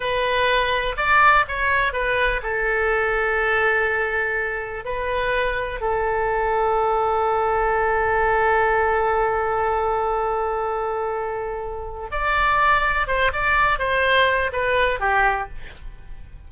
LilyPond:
\new Staff \with { instrumentName = "oboe" } { \time 4/4 \tempo 4 = 124 b'2 d''4 cis''4 | b'4 a'2.~ | a'2 b'2 | a'1~ |
a'1~ | a'1~ | a'4 d''2 c''8 d''8~ | d''8 c''4. b'4 g'4 | }